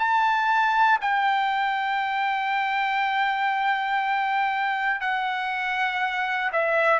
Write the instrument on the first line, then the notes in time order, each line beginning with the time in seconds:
trumpet
0.00 A5
1.02 G5
5.01 F#5
6.53 E5